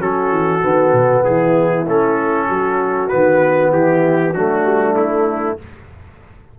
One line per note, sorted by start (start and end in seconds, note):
0.00 0.31 F#3
0.00 0.62 C#4
0.00 1.24 F#4
0.00 1.24 A4
0.31 0.62 E3
0.62 0.93 D#3
0.62 1.86 B3
0.93 1.24 B2
1.24 1.86 E3
1.24 2.48 E4
1.24 1.86 G#4
1.86 2.48 A3
1.86 3.10 C#4
1.86 3.09 A4
2.48 3.12 F#3
2.48 3.72 F#4
3.09 3.72 D#3
3.09 4.34 B3
3.09 3.70 B4
3.72 4.34 E3
3.72 4.34 E4
3.72 4.34 G4
4.34 4.64 F#3
4.34 5.59 A3
4.34 5.59 D4
4.34 4.96 F#4
4.64 4.95 G3
4.95 5.57 A3
4.95 5.58 E4